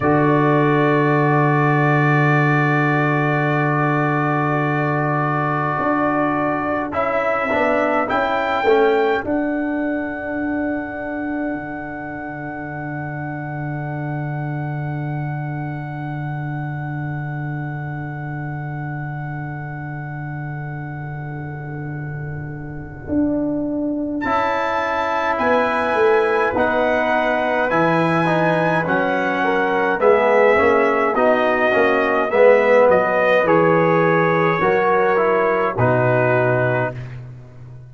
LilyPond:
<<
  \new Staff \with { instrumentName = "trumpet" } { \time 4/4 \tempo 4 = 52 d''1~ | d''2 e''4 g''4 | fis''1~ | fis''1~ |
fis''1~ | fis''4 a''4 gis''4 fis''4 | gis''4 fis''4 e''4 dis''4 | e''8 dis''8 cis''2 b'4 | }
  \new Staff \with { instrumentName = "horn" } { \time 4/4 a'1~ | a'1~ | a'1~ | a'1~ |
a'1~ | a'2 b'2~ | b'4. ais'8 gis'4 fis'4 | b'2 ais'4 fis'4 | }
  \new Staff \with { instrumentName = "trombone" } { \time 4/4 fis'1~ | fis'2 e'8 d'8 e'8 cis'8 | d'1~ | d'1~ |
d'1~ | d'4 e'2 dis'4 | e'8 dis'8 cis'4 b8 cis'8 dis'8 cis'8 | b4 gis'4 fis'8 e'8 dis'4 | }
  \new Staff \with { instrumentName = "tuba" } { \time 4/4 d1~ | d4 d'4 cis'8 b8 cis'8 a8 | d'2 d2~ | d1~ |
d1 | d'4 cis'4 b8 a8 b4 | e4 fis4 gis8 ais8 b8 ais8 | gis8 fis8 e4 fis4 b,4 | }
>>